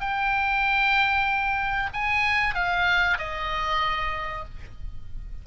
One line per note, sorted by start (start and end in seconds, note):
0.00 1.89 G5
1.93 2.54 G#5
2.54 3.18 F5
3.18 4.44 D#5